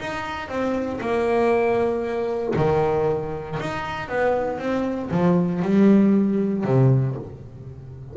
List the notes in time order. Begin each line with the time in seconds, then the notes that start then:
0.00 D#4
0.49 C4
1.01 A#3
2.56 D#3
3.60 D#4
4.09 B3
4.59 C4
5.11 F3
5.62 G3
6.65 C3